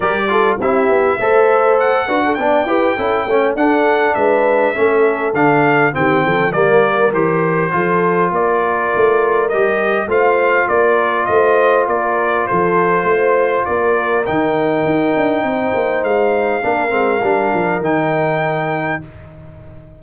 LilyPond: <<
  \new Staff \with { instrumentName = "trumpet" } { \time 4/4 \tempo 4 = 101 d''4 e''2 fis''4 | g''2 fis''4 e''4~ | e''4 f''4 g''4 d''4 | c''2 d''2 |
dis''4 f''4 d''4 dis''4 | d''4 c''2 d''4 | g''2. f''4~ | f''2 g''2 | }
  \new Staff \with { instrumentName = "horn" } { \time 4/4 ais'8 a'8 g'4 c''4. b'16 a'16 | d''8 b'8 a'8 cis''8 a'4 b'4 | a'2 g'8 a'8 ais'4~ | ais'4 a'4 ais'2~ |
ais'4 c''4 ais'4 c''4 | ais'4 a'4 c''4 ais'4~ | ais'2 c''2 | ais'1 | }
  \new Staff \with { instrumentName = "trombone" } { \time 4/4 g'8 f'8 e'4 a'4. fis'8 | d'8 g'8 e'8 cis'8 d'2 | cis'4 d'4 c'4 ais4 | g'4 f'2. |
g'4 f'2.~ | f'1 | dis'1 | d'8 c'8 d'4 dis'2 | }
  \new Staff \with { instrumentName = "tuba" } { \time 4/4 g4 c'8 b8 a4. d'8 | b8 e'8 cis'8 a8 d'4 gis4 | a4 d4 dis8 f8 g4 | e4 f4 ais4 a4 |
g4 a4 ais4 a4 | ais4 f4 a4 ais4 | dis4 dis'8 d'8 c'8 ais8 gis4 | ais8 gis8 g8 f8 dis2 | }
>>